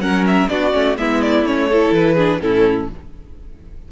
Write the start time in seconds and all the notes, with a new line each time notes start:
0.00 F#3 C#4 A#4 F#5
0.27 E5
0.49 B3 D4 F#4 D5
0.72 A3 C#4
0.98 G#3 B3 E4 E5
1.22 D5
1.43 A3 C#4 C#5
1.70 E4 A4
1.92 E3 B4
2.15 D4 G#4
2.41 A2 C#4 E4 A4